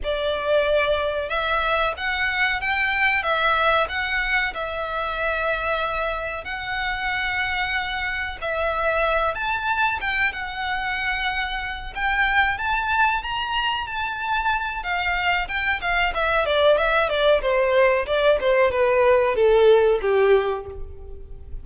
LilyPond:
\new Staff \with { instrumentName = "violin" } { \time 4/4 \tempo 4 = 93 d''2 e''4 fis''4 | g''4 e''4 fis''4 e''4~ | e''2 fis''2~ | fis''4 e''4. a''4 g''8 |
fis''2~ fis''8 g''4 a''8~ | a''8 ais''4 a''4. f''4 | g''8 f''8 e''8 d''8 e''8 d''8 c''4 | d''8 c''8 b'4 a'4 g'4 | }